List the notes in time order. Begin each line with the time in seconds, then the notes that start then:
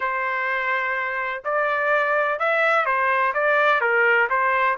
0.00 C5
1.44 D5
2.39 E5
2.85 C5
3.34 D5
3.81 A#4
4.29 C5